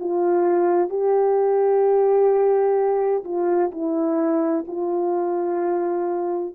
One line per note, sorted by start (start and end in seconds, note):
0.00 0.89 F4
0.89 3.23 G4
3.24 3.71 F4
3.71 4.65 E4
4.67 6.55 F4